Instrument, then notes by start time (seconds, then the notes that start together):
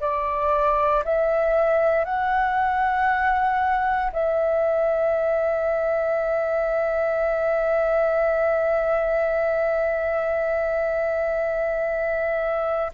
flute
0.00 D5
1.04 E5
2.04 F#5
4.12 E5